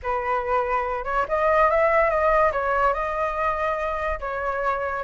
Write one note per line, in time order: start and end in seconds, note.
0.02 1.05 B4
1.05 1.25 C#5
1.28 1.70 D#5
1.70 2.09 E5
2.09 2.51 D#5
2.52 2.93 C#5
2.93 4.19 D#5
4.20 5.03 C#5